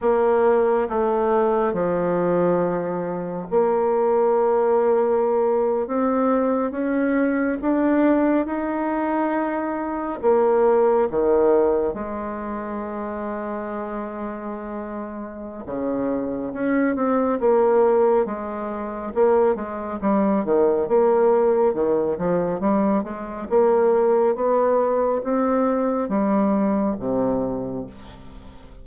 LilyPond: \new Staff \with { instrumentName = "bassoon" } { \time 4/4 \tempo 4 = 69 ais4 a4 f2 | ais2~ ais8. c'4 cis'16~ | cis'8. d'4 dis'2 ais16~ | ais8. dis4 gis2~ gis16~ |
gis2 cis4 cis'8 c'8 | ais4 gis4 ais8 gis8 g8 dis8 | ais4 dis8 f8 g8 gis8 ais4 | b4 c'4 g4 c4 | }